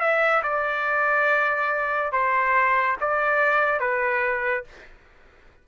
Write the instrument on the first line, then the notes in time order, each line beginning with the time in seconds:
trumpet
0.00 E5
0.43 D5
2.12 C5
3.00 D5
3.80 B4